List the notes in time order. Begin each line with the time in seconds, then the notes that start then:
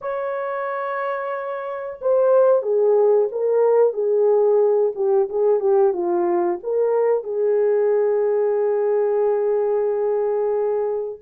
0.01 C#5
2.01 C5
2.62 G#4
3.31 A#4
3.93 G#4
4.95 G4
5.29 G#4
5.60 G4
5.93 F4
6.63 A#4
7.23 G#4